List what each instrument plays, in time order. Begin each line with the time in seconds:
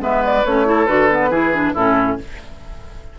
0.00 bassoon G#3, clarinet B3, oboe B4, flute E5
0.25 flute D5
0.45 bassoon A3, clarinet C#4, flute C#5
0.65 clarinet E4, oboe A4
0.86 bassoon D3, clarinet F#4, flute B4
1.10 clarinet B3
1.30 bassoon E3, clarinet E4, oboe G#4
1.53 clarinet D4
1.74 bassoon A2, clarinet C#4, oboe E4, flute A4